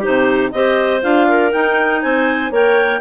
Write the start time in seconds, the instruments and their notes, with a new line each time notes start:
0.00 clarinet D#4 G4 C5
0.07 bassoon C3
0.52 bassoon C4, clarinet G4 C5 D#5
1.02 bassoon D4, clarinet F4 F5
1.29 clarinet A#4
1.53 clarinet D#4 G5, bassoon D#4
2.02 bassoon C4, clarinet C5 G#5
2.51 bassoon A#3, clarinet A#4 C#5 G5